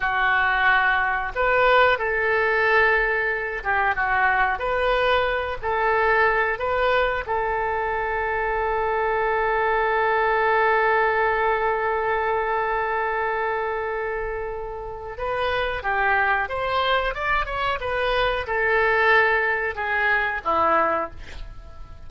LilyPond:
\new Staff \with { instrumentName = "oboe" } { \time 4/4 \tempo 4 = 91 fis'2 b'4 a'4~ | a'4. g'8 fis'4 b'4~ | b'8 a'4. b'4 a'4~ | a'1~ |
a'1~ | a'2. b'4 | g'4 c''4 d''8 cis''8 b'4 | a'2 gis'4 e'4 | }